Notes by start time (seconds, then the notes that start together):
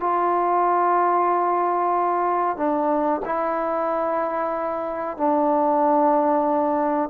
0.00 F4
2.57 D4
3.25 E4
5.17 D4